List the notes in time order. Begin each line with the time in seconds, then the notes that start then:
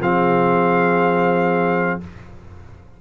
0.00 F3 C4 G#4 F5